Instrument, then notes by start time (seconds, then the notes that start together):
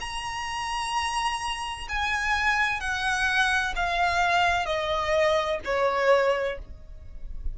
violin
0.00 A#5
1.88 G#5
2.80 F#5
3.75 F5
4.65 D#5
5.64 C#5